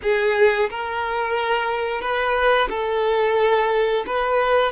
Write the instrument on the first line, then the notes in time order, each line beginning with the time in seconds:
violin
0.02 G#4
0.70 A#4
2.01 B4
2.69 A4
4.06 B4